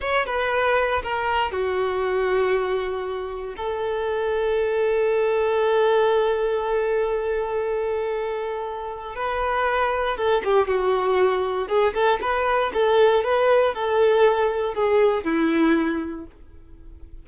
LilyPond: \new Staff \with { instrumentName = "violin" } { \time 4/4 \tempo 4 = 118 cis''8 b'4. ais'4 fis'4~ | fis'2. a'4~ | a'1~ | a'1~ |
a'2 b'2 | a'8 g'8 fis'2 gis'8 a'8 | b'4 a'4 b'4 a'4~ | a'4 gis'4 e'2 | }